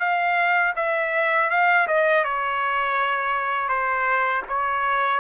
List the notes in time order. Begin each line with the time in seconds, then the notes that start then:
0.00 F5
0.76 E5
1.50 F5
1.88 D#5
2.24 C#5
3.69 C5
4.48 C#5